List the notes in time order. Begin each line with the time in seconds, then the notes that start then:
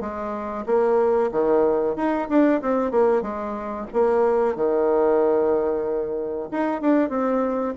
0.00 G#3
0.66 A#3
1.31 D#3
1.96 D#4
2.29 D4
2.61 C4
2.91 A#3
3.22 G#3
3.93 A#3
4.55 D#3
6.51 D#4
6.81 D4
7.09 C4